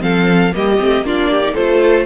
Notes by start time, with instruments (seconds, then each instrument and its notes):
0.00 cello F3, viola C4, violin A4 F5
0.52 cello G3, viola A#3, violin G4 D#5
0.80 cello A3, viola C4
1.02 cello A#3, viola D4, violin F4 D5
1.31 violin G4
1.42 viola D#4
1.54 cello A3, viola F4, violin A4 C5